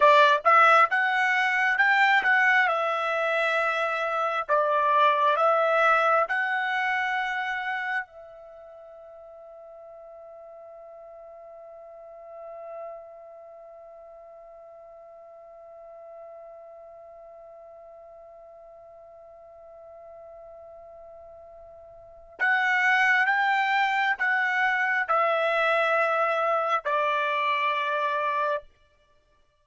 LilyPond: \new Staff \with { instrumentName = "trumpet" } { \time 4/4 \tempo 4 = 67 d''8 e''8 fis''4 g''8 fis''8 e''4~ | e''4 d''4 e''4 fis''4~ | fis''4 e''2.~ | e''1~ |
e''1~ | e''1~ | e''4 fis''4 g''4 fis''4 | e''2 d''2 | }